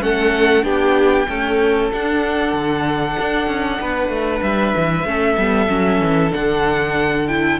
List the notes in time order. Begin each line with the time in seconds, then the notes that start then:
0.00 A3 C#4 A4 F#5
0.63 B3 D4 G4 G5
1.28 A3 C#4 A4
1.93 D4 F#5
2.53 D3
3.19 D4
3.47 C#4
3.81 B3 B4
4.09 A3
4.42 G3 E5
4.76 E3
5.04 A3 C#4 A4
5.37 G3 B3
5.68 F#3 C#4
6.00 E3
6.31 D3 D4 F#5
7.28 E4 G5